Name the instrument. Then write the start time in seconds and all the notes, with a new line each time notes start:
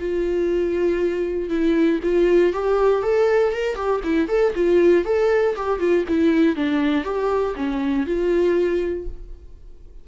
viola
0.00 F4
1.50 E4
2.03 F4
2.53 G4
3.03 A4
3.53 A#4
3.76 G4
4.04 E4
4.28 A4
4.55 F4
5.05 A4
5.56 G4
5.79 F4
6.08 E4
6.56 D4
7.05 G4
7.56 C#4
8.06 F4